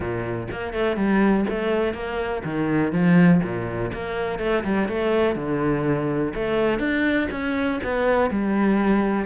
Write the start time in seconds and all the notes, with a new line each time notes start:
0.00 A#2
0.51 A#3
0.73 A3
0.96 G3
1.49 A3
1.94 A#3
2.44 D#3
2.92 F3
3.43 A#2
3.93 A#3
4.39 A3
4.63 G3
4.88 A3
5.35 D3
6.34 A3
6.79 D4
7.31 C#4
7.83 B3
8.30 G3